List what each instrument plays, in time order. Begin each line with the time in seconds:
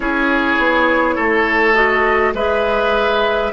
0.00 bassoon C#4, clarinet E4, oboe G#4, flute C#5
0.57 bassoon B3
1.15 bassoon A3, oboe A4
1.74 clarinet F#4, flute D#5
2.33 bassoon G#3, clarinet G#4, oboe B4, flute E5